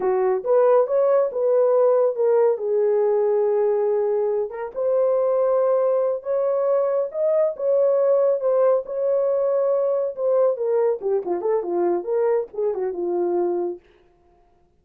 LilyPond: \new Staff \with { instrumentName = "horn" } { \time 4/4 \tempo 4 = 139 fis'4 b'4 cis''4 b'4~ | b'4 ais'4 gis'2~ | gis'2~ gis'8 ais'8 c''4~ | c''2~ c''8 cis''4.~ |
cis''8 dis''4 cis''2 c''8~ | c''8 cis''2. c''8~ | c''8 ais'4 g'8 f'8 a'8 f'4 | ais'4 gis'8 fis'8 f'2 | }